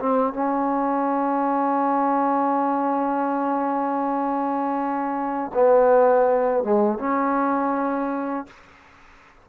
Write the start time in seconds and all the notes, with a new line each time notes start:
0.00 C4
0.34 C#4
5.54 B3
6.64 G#3
6.99 C#4